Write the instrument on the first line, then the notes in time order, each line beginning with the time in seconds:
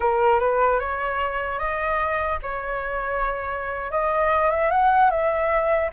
flute
0.00 A#4
0.39 B4
0.79 C#5
1.59 D#5
2.42 C#5
3.91 D#5
4.51 E5
4.70 F#5
5.10 E5